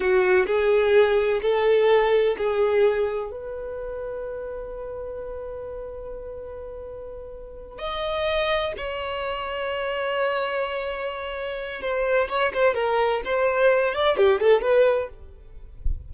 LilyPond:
\new Staff \with { instrumentName = "violin" } { \time 4/4 \tempo 4 = 127 fis'4 gis'2 a'4~ | a'4 gis'2 b'4~ | b'1~ | b'1~ |
b'8 dis''2 cis''4.~ | cis''1~ | cis''4 c''4 cis''8 c''8 ais'4 | c''4. d''8 g'8 a'8 b'4 | }